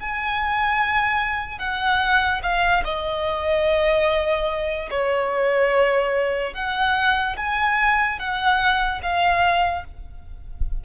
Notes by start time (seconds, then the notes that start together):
0.00 G#5
1.59 F#5
2.43 F5
2.84 D#5
4.91 C#5
6.54 F#5
7.37 G#5
8.19 F#5
9.02 F5